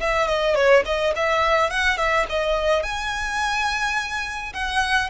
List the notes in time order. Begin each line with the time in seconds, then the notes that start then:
0.00 E5
0.28 D#5
0.55 C#5
0.85 D#5
1.16 E5
1.70 F#5
1.97 E5
2.30 D#5
2.83 G#5
4.53 F#5